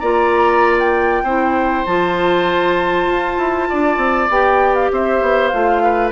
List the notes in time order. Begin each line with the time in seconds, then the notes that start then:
0.00 A#3 F4 D5 A#5
0.79 G5
1.23 C4 E4 C5
1.86 F3 F4 A5
3.07 F4
3.38 E4
3.70 D4 D5
3.97 C4
4.30 B3 G4 G5
4.75 F5
4.92 C4 C5 E5
5.22 B3
5.48 A3 F4 F5
5.84 B4